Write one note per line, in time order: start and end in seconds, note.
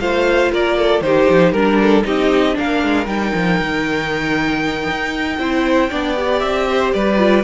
0.00 0.52 A3
0.00 1.03 F4
0.00 0.51 C5
0.00 0.51 F5
0.51 1.01 A#3
0.51 0.77 A#4
0.51 1.01 D5
0.77 1.03 A4
1.01 1.26 D#3
1.01 1.55 D#4
1.01 1.53 G4
1.01 1.52 C5
1.30 1.52 F3
1.52 2.04 G3
1.52 2.04 D4
1.52 2.03 A#4
1.52 1.79 A#4
1.81 2.05 A4
2.04 2.57 C4
2.04 2.54 D#4
2.04 2.57 G4
2.04 2.58 D#5
2.54 2.84 A#3
2.54 3.05 D4
2.54 5.39 A#4
2.54 3.07 F5
2.84 3.06 G#3
3.06 3.32 G3
3.06 5.37 D#4
3.06 6.39 G5
3.34 3.60 F3
3.60 4.88 D#3
4.89 5.39 D#4
5.39 5.90 C4
5.39 5.90 E4
5.39 5.90 C5
5.90 6.42 B3
5.90 6.16 D4
5.90 6.66 D5
6.16 7.18 G4
6.39 6.93 C4
6.39 6.90 E5
6.69 6.95 C5
6.93 7.44 G3
6.93 7.44 B4
6.93 7.44 D5
7.18 7.44 F4